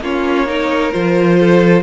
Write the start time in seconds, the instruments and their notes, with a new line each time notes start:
0.00 cello A#3, viola C#4, violin F4 C#5
0.47 viola D#4, violin A#4
0.91 cello F3, viola F4, violin C5
1.39 violin A4